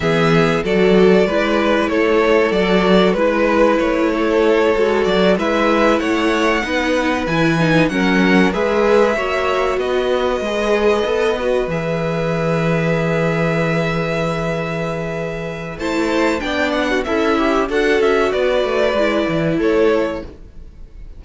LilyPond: <<
  \new Staff \with { instrumentName = "violin" } { \time 4/4 \tempo 4 = 95 e''4 d''2 cis''4 | d''4 b'4 cis''2 | d''8 e''4 fis''2 gis''8~ | gis''8 fis''4 e''2 dis''8~ |
dis''2~ dis''8 e''4.~ | e''1~ | e''4 a''4 g''8 fis''8 e''4 | fis''8 e''8 d''2 cis''4 | }
  \new Staff \with { instrumentName = "violin" } { \time 4/4 gis'4 a'4 b'4 a'4~ | a'4 b'4. a'4.~ | a'8 b'4 cis''4 b'4.~ | b'8 ais'4 b'4 cis''4 b'8~ |
b'1~ | b'1~ | b'4 c''4 d''8. fis'16 e'4 | a'4 b'2 a'4 | }
  \new Staff \with { instrumentName = "viola" } { \time 4/4 b4 fis'4 e'2 | fis'4 e'2~ e'8 fis'8~ | fis'8 e'2 dis'4 e'8 | dis'8 cis'4 gis'4 fis'4.~ |
fis'8 gis'4 a'8 fis'8 gis'4.~ | gis'1~ | gis'4 e'4 d'4 a'8 g'8 | fis'2 e'2 | }
  \new Staff \with { instrumentName = "cello" } { \time 4/4 e4 fis4 gis4 a4 | fis4 gis4 a4. gis8 | fis8 gis4 a4 b4 e8~ | e8 fis4 gis4 ais4 b8~ |
b8 gis4 b4 e4.~ | e1~ | e4 a4 b4 cis'4 | d'8 cis'8 b8 a8 gis8 e8 a4 | }
>>